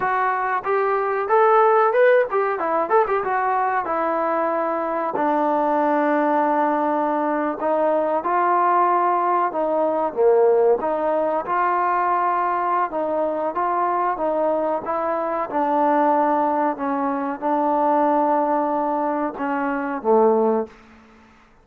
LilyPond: \new Staff \with { instrumentName = "trombone" } { \time 4/4 \tempo 4 = 93 fis'4 g'4 a'4 b'8 g'8 | e'8 a'16 g'16 fis'4 e'2 | d'2.~ d'8. dis'16~ | dis'8. f'2 dis'4 ais16~ |
ais8. dis'4 f'2~ f'16 | dis'4 f'4 dis'4 e'4 | d'2 cis'4 d'4~ | d'2 cis'4 a4 | }